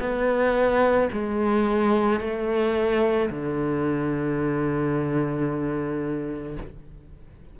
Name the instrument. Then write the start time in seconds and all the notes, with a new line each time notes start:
cello
0.00 B3
1.13 G#3
2.21 A3
3.30 D3